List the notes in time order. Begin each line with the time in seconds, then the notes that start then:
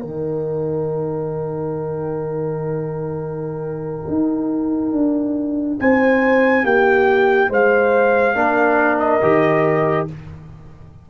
0.00 D#3 D#4 A#4 G5
4.08 D#4
4.92 D4
5.80 C4 C5 G#5
6.64 A#3 G4 G5
7.49 G#3 C5 F5
8.34 A#3 D4 A#4
9.00 D#5
9.22 D#3 G4